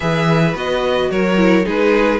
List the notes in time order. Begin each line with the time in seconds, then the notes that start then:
0.00 E3 G#4 B4 E5
0.54 B3 F#4 D#5
1.10 F#3 A#4 C#5
1.37 E4
1.63 G#3 D#4 G#4 B4